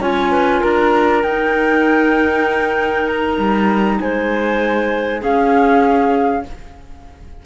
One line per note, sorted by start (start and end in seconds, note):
0.00 0.62 C#4
0.00 1.23 F4
0.00 0.31 C#5
0.00 0.62 G#5
0.31 0.61 B4
0.61 1.23 D4
0.61 3.97 A#4
0.61 1.23 A#5
1.23 3.37 D#4
1.23 5.20 D#4
1.23 3.07 G5
3.07 3.99 A#5
3.37 3.99 G3
4.00 5.22 G#3
4.00 5.21 C5
4.00 5.22 G#5
5.20 6.43 C#4
5.20 6.45 C#4
5.20 6.43 G#4
5.20 6.45 F5